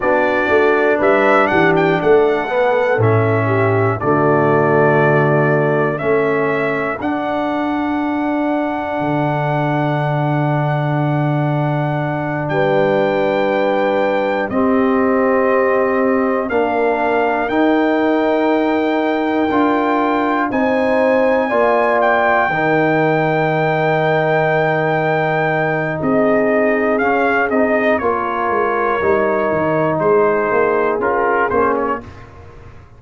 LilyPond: <<
  \new Staff \with { instrumentName = "trumpet" } { \time 4/4 \tempo 4 = 60 d''4 e''8 fis''16 g''16 fis''4 e''4 | d''2 e''4 fis''4~ | fis''1~ | fis''8 g''2 dis''4.~ |
dis''8 f''4 g''2~ g''8~ | g''8 gis''4. g''2~ | g''2 dis''4 f''8 dis''8 | cis''2 c''4 ais'8 c''16 cis''16 | }
  \new Staff \with { instrumentName = "horn" } { \time 4/4 fis'4 b'8 g'8 a'4. g'8 | fis'2 a'2~ | a'1~ | a'8 b'2 g'4.~ |
g'8 ais'2.~ ais'8~ | ais'8 c''4 d''4 ais'4.~ | ais'2 gis'2 | ais'2 gis'2 | }
  \new Staff \with { instrumentName = "trombone" } { \time 4/4 d'2~ d'8 b8 cis'4 | a2 cis'4 d'4~ | d'1~ | d'2~ d'8 c'4.~ |
c'8 d'4 dis'2 f'8~ | f'8 dis'4 f'4 dis'4.~ | dis'2. cis'8 dis'8 | f'4 dis'2 f'8 cis'8 | }
  \new Staff \with { instrumentName = "tuba" } { \time 4/4 b8 a8 g8 e8 a4 a,4 | d2 a4 d'4~ | d'4 d2.~ | d8 g2 c'4.~ |
c'8 ais4 dis'2 d'8~ | d'8 c'4 ais4 dis4.~ | dis2 c'4 cis'8 c'8 | ais8 gis8 g8 dis8 gis8 ais8 cis'8 ais8 | }
>>